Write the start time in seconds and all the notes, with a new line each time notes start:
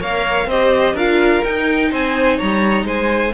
0.00 A#3 A#4 C#5 F5
0.46 C4 G4 C5 D#5
0.94 D4 F4 A#4 F5
1.45 D#4 G5
1.91 C4 C5 G#5
2.37 G3 C#5 A#5
2.85 G#3 C5 G#5